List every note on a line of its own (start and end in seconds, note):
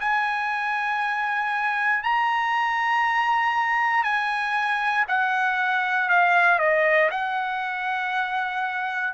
0.00 2.03 G#5
2.03 4.03 A#5
4.03 5.05 G#5
5.08 6.09 F#5
6.09 6.59 F5
6.59 7.10 D#5
7.10 9.13 F#5